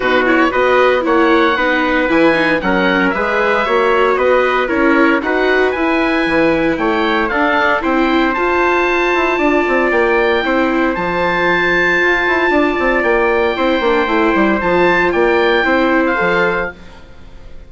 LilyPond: <<
  \new Staff \with { instrumentName = "oboe" } { \time 4/4 \tempo 4 = 115 b'8 cis''8 dis''4 fis''2 | gis''4 fis''4 e''2 | dis''4 cis''4 fis''4 gis''4~ | gis''4 g''4 f''4 g''4 |
a''2. g''4~ | g''4 a''2.~ | a''4 g''2. | a''4 g''4.~ g''16 f''4~ f''16 | }
  \new Staff \with { instrumentName = "trumpet" } { \time 4/4 fis'4 b'4 cis''4 b'4~ | b'4 ais'4 b'4 cis''4 | b'4 ais'4 b'2~ | b'4 cis''4 a'4 c''4~ |
c''2 d''2 | c''1 | d''2 c''2~ | c''4 d''4 c''2 | }
  \new Staff \with { instrumentName = "viola" } { \time 4/4 dis'8 e'8 fis'4 e'4 dis'4 | e'8 dis'8 cis'4 gis'4 fis'4~ | fis'4 e'4 fis'4 e'4~ | e'2 d'4 e'4 |
f'1 | e'4 f'2.~ | f'2 e'8 d'8 e'4 | f'2 e'4 a'4 | }
  \new Staff \with { instrumentName = "bassoon" } { \time 4/4 b,4 b4 ais4 b4 | e4 fis4 gis4 ais4 | b4 cis'4 dis'4 e'4 | e4 a4 d'4 c'4 |
f'4. e'8 d'8 c'8 ais4 | c'4 f2 f'8 e'8 | d'8 c'8 ais4 c'8 ais8 a8 g8 | f4 ais4 c'4 f4 | }
>>